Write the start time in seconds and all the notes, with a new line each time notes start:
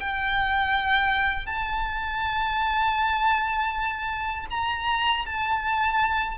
0.00 G5
1.47 A5
4.51 A#5
5.26 A5